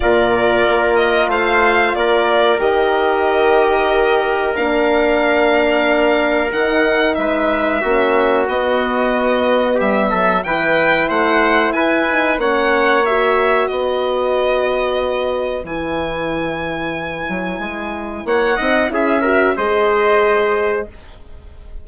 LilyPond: <<
  \new Staff \with { instrumentName = "violin" } { \time 4/4 \tempo 4 = 92 d''4. dis''8 f''4 d''4 | dis''2. f''4~ | f''2 fis''4 e''4~ | e''4 dis''2 e''4 |
g''4 fis''4 gis''4 fis''4 | e''4 dis''2. | gis''1 | fis''4 e''4 dis''2 | }
  \new Staff \with { instrumentName = "trumpet" } { \time 4/4 ais'2 c''4 ais'4~ | ais'1~ | ais'2. b'4 | fis'2. g'8 a'8 |
b'4 c''4 b'4 cis''4~ | cis''4 b'2.~ | b'1 | cis''8 dis''8 gis'8 ais'8 c''2 | }
  \new Staff \with { instrumentName = "horn" } { \time 4/4 f'1 | g'2. d'4~ | d'2 dis'2 | cis'4 b2. |
e'2~ e'8 dis'8 cis'4 | fis'1 | e'1~ | e'8 dis'8 e'8 fis'8 gis'2 | }
  \new Staff \with { instrumentName = "bassoon" } { \time 4/4 ais,4 ais4 a4 ais4 | dis2. ais4~ | ais2 dis4 gis4 | ais4 b2 g8 fis8 |
e4 a4 e'4 ais4~ | ais4 b2. | e2~ e8 fis8 gis4 | ais8 c'8 cis'4 gis2 | }
>>